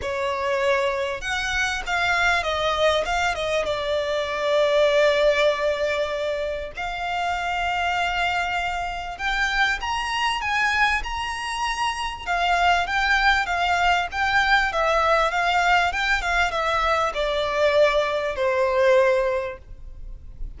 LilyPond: \new Staff \with { instrumentName = "violin" } { \time 4/4 \tempo 4 = 98 cis''2 fis''4 f''4 | dis''4 f''8 dis''8 d''2~ | d''2. f''4~ | f''2. g''4 |
ais''4 gis''4 ais''2 | f''4 g''4 f''4 g''4 | e''4 f''4 g''8 f''8 e''4 | d''2 c''2 | }